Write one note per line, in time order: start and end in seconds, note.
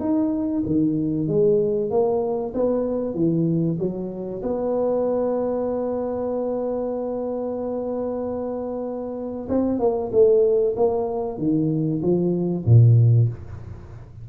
0.00 0.63 D#4
0.66 1.27 D#3
1.27 1.90 G#3
1.90 2.53 A#3
2.54 3.14 B3
3.14 3.78 E3
3.79 4.42 F#3
4.43 9.48 B3
9.49 9.79 C4
9.79 10.11 A#3
10.12 10.75 A3
10.76 11.38 A#3
11.38 12.01 D#3
12.02 12.65 F3
12.66 13.29 A#2